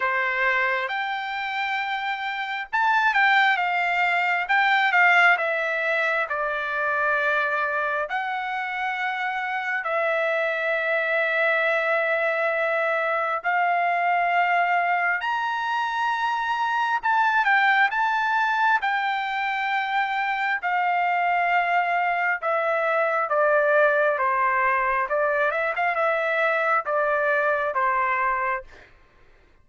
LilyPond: \new Staff \with { instrumentName = "trumpet" } { \time 4/4 \tempo 4 = 67 c''4 g''2 a''8 g''8 | f''4 g''8 f''8 e''4 d''4~ | d''4 fis''2 e''4~ | e''2. f''4~ |
f''4 ais''2 a''8 g''8 | a''4 g''2 f''4~ | f''4 e''4 d''4 c''4 | d''8 e''16 f''16 e''4 d''4 c''4 | }